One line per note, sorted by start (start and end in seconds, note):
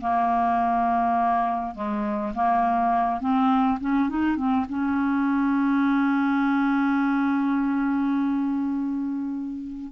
0.00 1.74 A#3
1.74 2.33 G#3
2.34 3.20 A#3
3.20 3.78 C4
3.80 4.09 C#4
4.09 4.36 D#4
4.36 4.65 C4
4.68 9.92 C#4